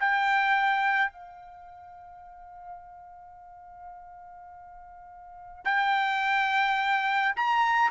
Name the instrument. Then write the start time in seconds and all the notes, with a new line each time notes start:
trumpet
0.00 G5
1.12 F5
5.65 G5
7.36 A#5